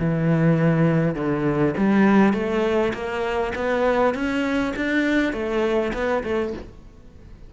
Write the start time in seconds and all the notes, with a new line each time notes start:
0.00 E3
1.15 D3
1.78 G3
2.34 A3
2.94 A#3
3.56 B3
4.15 C#4
4.76 D4
5.33 A3
5.94 B3
6.24 A3